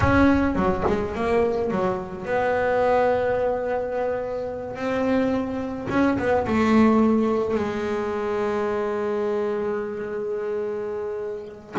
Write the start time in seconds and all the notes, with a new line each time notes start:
0.00 C#4
0.55 F#3
0.87 G#3
1.15 A#3
1.70 F#3
2.25 B3
4.75 C4
5.89 C#4
6.18 B3
6.46 A3
7.54 G#3